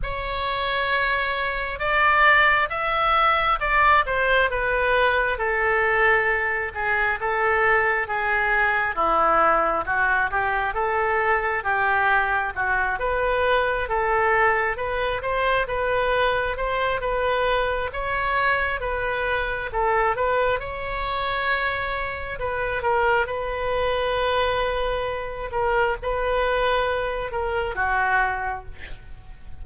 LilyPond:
\new Staff \with { instrumentName = "oboe" } { \time 4/4 \tempo 4 = 67 cis''2 d''4 e''4 | d''8 c''8 b'4 a'4. gis'8 | a'4 gis'4 e'4 fis'8 g'8 | a'4 g'4 fis'8 b'4 a'8~ |
a'8 b'8 c''8 b'4 c''8 b'4 | cis''4 b'4 a'8 b'8 cis''4~ | cis''4 b'8 ais'8 b'2~ | b'8 ais'8 b'4. ais'8 fis'4 | }